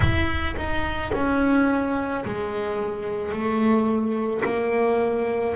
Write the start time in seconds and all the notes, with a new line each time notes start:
0.00 E4
0.56 D#4
1.13 C#4
2.24 G#3
3.31 A3
4.44 A#3